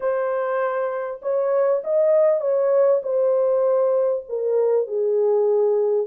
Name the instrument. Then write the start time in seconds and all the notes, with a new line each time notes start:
horn
0.00 C5
1.21 C#5
1.83 D#5
2.40 C#5
3.02 C5
4.28 A#4
4.87 G#4